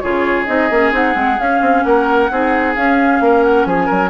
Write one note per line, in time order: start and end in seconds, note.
0.00 0.48 C#3
0.00 0.47 F4
0.00 1.85 G#4
0.00 0.45 C#5
0.46 0.70 C4
0.46 0.69 D#4
0.46 0.92 D#5
0.70 0.92 A#3
0.70 0.93 C#4
0.92 1.15 C4
0.92 1.14 D#4
0.92 1.40 F#5
1.14 1.39 G#3
1.14 1.37 C4
1.40 1.61 C#4
1.40 2.31 C#4
1.40 1.84 F5
1.61 1.84 C4
1.84 2.30 A#3
1.84 2.31 A#4
1.84 2.75 F#5
2.31 2.76 C4
2.31 2.76 D#4
2.31 3.23 G#4
2.75 4.10 C#4
2.75 3.20 C#4
2.75 3.44 F5
3.20 3.66 A#3
3.20 3.68 A#4
3.44 3.66 F#5
3.66 3.88 F3
3.66 3.86 G#4
3.66 4.10 G#5
3.86 4.10 F#3
3.86 4.09 A#4